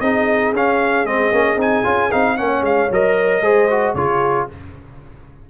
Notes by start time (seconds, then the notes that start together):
0.00 C4 D#4 G#4 D#5
0.52 C#4 F5
1.04 G#3 C4 D#5
1.32 A#3 C#4
1.56 C4 D#4 G#5
1.83 C#4 F4
2.11 C4 D#4 F5
2.37 A#3 C#4 C#5 F#5
2.61 G#3 F5
2.90 F#3 A#4 D#5
3.41 G#3 G#4 C5
3.70 F#4
3.94 C#3 F4 G#4 C#5